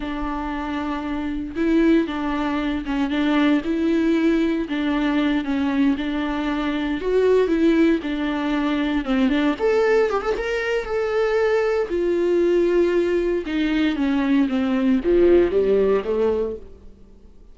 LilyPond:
\new Staff \with { instrumentName = "viola" } { \time 4/4 \tempo 4 = 116 d'2. e'4 | d'4. cis'8 d'4 e'4~ | e'4 d'4. cis'4 d'8~ | d'4. fis'4 e'4 d'8~ |
d'4. c'8 d'8 a'4 g'16 a'16 | ais'4 a'2 f'4~ | f'2 dis'4 cis'4 | c'4 f4 g4 a4 | }